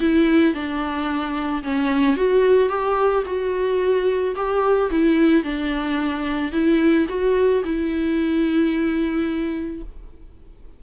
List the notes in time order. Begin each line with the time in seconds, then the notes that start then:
0.00 E4
0.54 D4
1.63 C#4
2.16 F#4
2.69 G4
3.26 F#4
4.35 G4
4.90 E4
5.43 D4
6.52 E4
7.09 F#4
7.64 E4